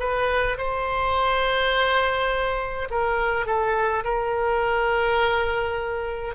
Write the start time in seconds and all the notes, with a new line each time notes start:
0.00 B4
0.58 C5
2.91 A#4
3.46 A4
4.04 A#4